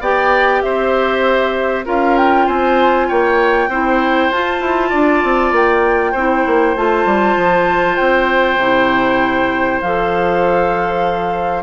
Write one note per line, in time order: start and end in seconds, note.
0.00 0.61 B3
0.00 1.85 G4
0.00 0.62 D5
0.00 0.62 G5
0.62 1.86 C4
0.62 1.85 C5
0.62 1.84 E5
1.85 2.48 C#4
1.85 3.69 F4
1.85 2.46 A#4
1.85 2.17 F5
2.17 2.47 G5
2.46 3.09 C4
2.46 3.07 C5
2.46 3.09 G#5
3.08 3.68 A#3
3.08 3.69 C#5
3.08 4.31 G5
3.68 4.29 C4
3.68 4.32 E4
3.68 4.89 C5
4.30 4.60 F4
4.30 6.15 F4
4.30 5.53 A5
4.60 4.91 E4
4.89 5.23 D4
4.89 6.11 D5
5.24 5.52 C4
5.52 6.13 A#3
5.52 6.77 G5
6.11 6.44 C4
6.11 6.76 E4
6.11 11.62 C5
6.46 6.75 A#3
6.75 7.05 A3
6.75 8.60 F4
6.75 7.96 A5
7.05 7.36 G3
7.36 7.97 F3
7.96 8.57 C4
7.96 9.79 G5
8.57 9.79 C3
8.57 9.83 E4
9.81 11.63 F3
9.81 11.63 A4
9.81 11.63 F5